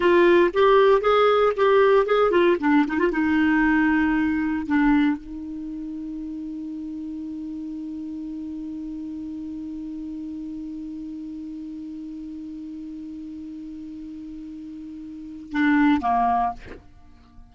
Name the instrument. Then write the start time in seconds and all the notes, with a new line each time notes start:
clarinet
0.00 F4
0.53 G4
1.01 G#4
1.56 G4
2.06 G#4
2.31 F4
2.60 D4
2.87 D#4
2.99 F4
3.11 D#4
4.66 D4
5.17 D#4
15.52 D4
16.01 A#3